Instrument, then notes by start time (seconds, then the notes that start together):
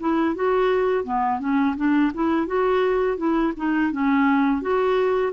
clarinet
0.00 E4
0.35 F#4
1.04 B3
1.40 C#4
1.76 D4
2.14 E4
2.47 F#4
3.17 E4
3.57 D#4
3.92 C#4
4.61 F#4